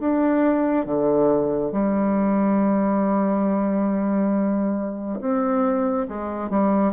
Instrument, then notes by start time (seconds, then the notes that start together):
bassoon
0.00 D4
0.86 D3
1.72 G3
5.20 C4
6.09 G#3
6.50 G3